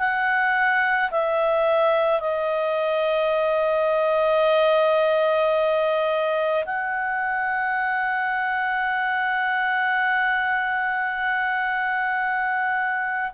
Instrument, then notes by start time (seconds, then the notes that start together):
clarinet
0.00 F#5
1.11 E5
2.21 D#5
6.66 F#5